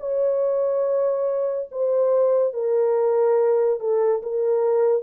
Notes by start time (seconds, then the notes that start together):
0.00 C#5
1.71 C5
2.53 A#4
3.80 A4
4.23 A#4